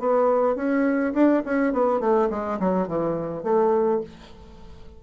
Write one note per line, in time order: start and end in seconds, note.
0.00 0.56 B3
0.56 1.14 C#4
1.14 1.43 D4
1.46 1.73 C#4
1.73 2.01 B3
2.01 2.29 A3
2.31 2.60 G#3
2.60 2.88 F#3
2.88 3.44 E3
3.44 4.01 A3